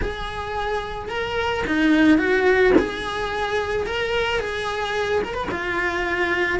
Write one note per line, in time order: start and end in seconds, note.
0.01 1.08 G#4
1.08 1.63 A#4
1.67 2.17 D#4
2.17 2.72 F#4
2.78 3.86 G#4
3.86 4.39 A#4
4.39 5.22 G#4
5.24 5.34 A#4
5.34 5.47 B4
5.51 6.59 F4